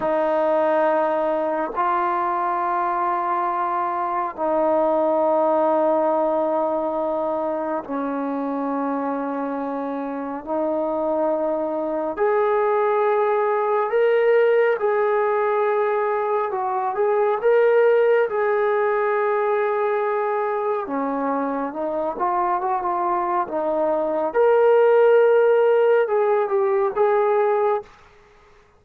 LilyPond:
\new Staff \with { instrumentName = "trombone" } { \time 4/4 \tempo 4 = 69 dis'2 f'2~ | f'4 dis'2.~ | dis'4 cis'2. | dis'2 gis'2 |
ais'4 gis'2 fis'8 gis'8 | ais'4 gis'2. | cis'4 dis'8 f'8 fis'16 f'8. dis'4 | ais'2 gis'8 g'8 gis'4 | }